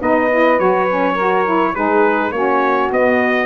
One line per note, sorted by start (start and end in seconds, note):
0.00 0.59 B3
0.00 0.29 D#4
0.00 1.12 B4
0.00 0.59 D#5
0.30 0.58 E4
0.58 1.76 F#3
0.58 0.87 F#4
0.58 1.75 C#5
0.88 1.18 C#4
1.12 1.45 F#4
1.12 1.71 A#4
1.45 1.74 E4
1.73 2.31 G#3
1.73 2.32 D#4
1.73 2.32 G#4
1.73 2.32 B4
2.31 2.90 A#3
2.31 2.91 C#4
2.31 3.46 F#4
2.31 2.90 C#5
2.91 3.46 B3
2.91 3.46 D#5